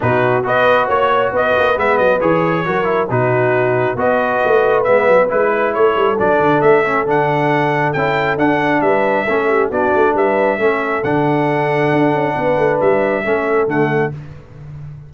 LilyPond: <<
  \new Staff \with { instrumentName = "trumpet" } { \time 4/4 \tempo 4 = 136 b'4 dis''4 cis''4 dis''4 | e''8 dis''8 cis''2 b'4~ | b'4 dis''2 e''4 | b'4 cis''4 d''4 e''4 |
fis''2 g''4 fis''4 | e''2 d''4 e''4~ | e''4 fis''2.~ | fis''4 e''2 fis''4 | }
  \new Staff \with { instrumentName = "horn" } { \time 4/4 fis'4 b'4 cis''4 b'4~ | b'2 ais'4 fis'4~ | fis'4 b'2.~ | b'4 a'2.~ |
a'1 | b'4 a'8 g'8 fis'4 b'4 | a'1 | b'2 a'2 | }
  \new Staff \with { instrumentName = "trombone" } { \time 4/4 dis'4 fis'2. | b4 gis'4 fis'8 e'8 dis'4~ | dis'4 fis'2 b4 | e'2 d'4. cis'8 |
d'2 e'4 d'4~ | d'4 cis'4 d'2 | cis'4 d'2.~ | d'2 cis'4 a4 | }
  \new Staff \with { instrumentName = "tuba" } { \time 4/4 b,4 b4 ais4 b8 ais8 | gis8 fis8 e4 fis4 b,4~ | b,4 b4 a4 gis8 fis8 | gis4 a8 g8 fis8 d8 a4 |
d2 cis'4 d'4 | g4 a4 b8 a8 g4 | a4 d2 d'8 cis'8 | b8 a8 g4 a4 d4 | }
>>